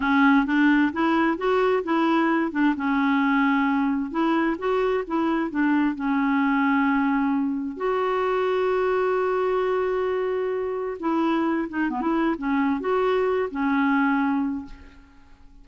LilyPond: \new Staff \with { instrumentName = "clarinet" } { \time 4/4 \tempo 4 = 131 cis'4 d'4 e'4 fis'4 | e'4. d'8 cis'2~ | cis'4 e'4 fis'4 e'4 | d'4 cis'2.~ |
cis'4 fis'2.~ | fis'1 | e'4. dis'8 b16 e'8. cis'4 | fis'4. cis'2~ cis'8 | }